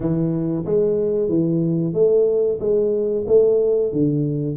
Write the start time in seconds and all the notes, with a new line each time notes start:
0.00 E3
0.65 G#3
1.28 E3
1.93 A3
2.60 G#3
3.27 A3
3.92 D3